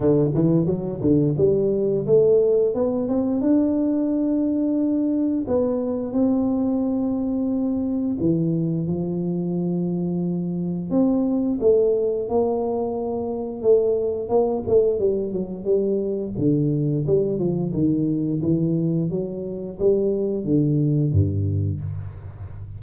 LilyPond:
\new Staff \with { instrumentName = "tuba" } { \time 4/4 \tempo 4 = 88 d8 e8 fis8 d8 g4 a4 | b8 c'8 d'2. | b4 c'2. | e4 f2. |
c'4 a4 ais2 | a4 ais8 a8 g8 fis8 g4 | d4 g8 f8 dis4 e4 | fis4 g4 d4 g,4 | }